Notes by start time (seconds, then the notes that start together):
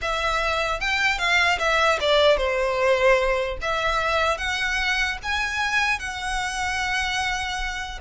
0.01 E5
0.80 G5
1.18 F5
1.58 E5
2.00 D5
2.37 C5
3.61 E5
4.37 F#5
5.22 G#5
5.99 F#5